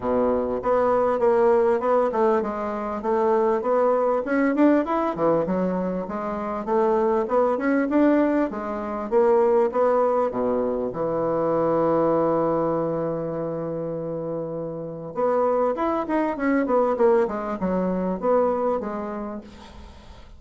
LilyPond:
\new Staff \with { instrumentName = "bassoon" } { \time 4/4 \tempo 4 = 99 b,4 b4 ais4 b8 a8 | gis4 a4 b4 cis'8 d'8 | e'8 e8 fis4 gis4 a4 | b8 cis'8 d'4 gis4 ais4 |
b4 b,4 e2~ | e1~ | e4 b4 e'8 dis'8 cis'8 b8 | ais8 gis8 fis4 b4 gis4 | }